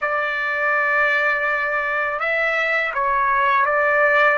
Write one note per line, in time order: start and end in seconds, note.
0.01 2.20 D5
2.20 2.93 E5
2.93 3.65 C#5
3.65 4.38 D5